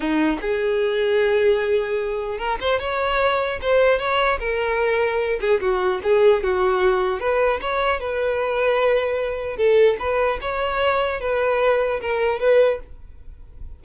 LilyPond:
\new Staff \with { instrumentName = "violin" } { \time 4/4 \tempo 4 = 150 dis'4 gis'2.~ | gis'2 ais'8 c''8 cis''4~ | cis''4 c''4 cis''4 ais'4~ | ais'4. gis'8 fis'4 gis'4 |
fis'2 b'4 cis''4 | b'1 | a'4 b'4 cis''2 | b'2 ais'4 b'4 | }